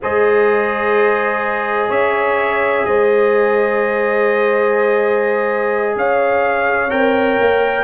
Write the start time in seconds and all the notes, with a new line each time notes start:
0.01 G#3 G#4 C5 D#5
1.88 C#4 C#5 E5
2.85 G#3 C5 D#5
5.95 C#4 C#5 F5
6.89 C4 A#4 G5
7.40 A#3